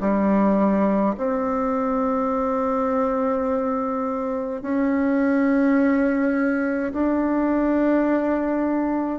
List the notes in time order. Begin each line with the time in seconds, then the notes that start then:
0.00 G3
1.17 C4
4.62 C#4
6.92 D4